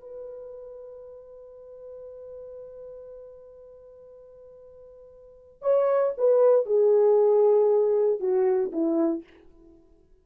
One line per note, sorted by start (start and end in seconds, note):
0.00 5.62 B4
5.62 6.13 C#5
6.17 6.66 B4
6.66 8.20 G#4
8.20 8.71 F#4
8.72 9.23 E4